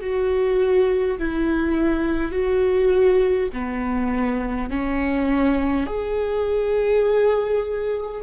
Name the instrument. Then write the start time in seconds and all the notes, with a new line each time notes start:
viola
0.00 F#4
1.18 E4
2.32 F#4
3.53 B3
4.70 C#4
5.87 G#4